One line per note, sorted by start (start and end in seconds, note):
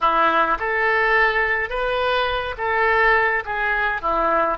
0.01 0.58 E4
0.59 1.69 A4
1.69 2.55 B4
2.57 3.43 A4
3.45 4.01 G#4
4.01 4.58 E4